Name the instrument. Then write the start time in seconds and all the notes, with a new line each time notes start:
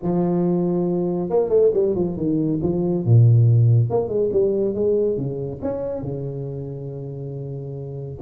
tuba
0.02 F3
1.29 A#3
1.49 A3
1.73 G3
1.95 F3
2.16 D#3
2.62 F3
3.05 A#2
3.90 A#3
4.08 G#3
4.32 G3
4.74 G#3
5.17 C#3
5.62 C#4
6.02 C#3